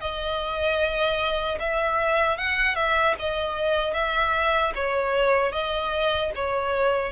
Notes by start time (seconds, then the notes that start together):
0.00 D#5
1.59 E5
2.37 F#5
2.75 E5
3.19 D#5
3.94 E5
4.75 C#5
5.52 D#5
6.35 C#5